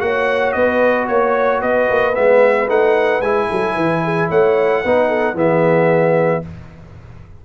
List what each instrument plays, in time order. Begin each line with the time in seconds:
0.00 tuba A#3, trombone F#4, horn C#5, trumpet F#5
0.52 tuba B3, horn B4, trumpet D#5
1.08 tuba A#3, trumpet C#5, horn C#5
1.60 tuba B3, horn B4, trumpet D#5
1.90 tuba A#3
2.14 tuba G#3, trombone B3, trumpet E5
2.69 tuba A3, trombone D#4, trumpet F#5
3.21 tuba G#3, trombone E4, trumpet G#5
3.48 tuba F#3, horn A4
3.75 tuba E3, horn B4
4.04 horn G#4
4.29 tuba A3, horn C#5, trumpet F#5
4.83 tuba B3, trombone D#4, horn B4
5.08 horn A4
5.34 tuba E3, trombone B3, horn G#4, trumpet E5